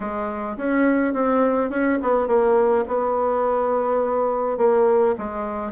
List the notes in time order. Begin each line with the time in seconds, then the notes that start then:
0.00 G#3
0.57 C#4
1.13 C4
1.70 C#4
2.02 B3
2.27 A#3
2.87 B3
4.57 A#3
5.18 G#3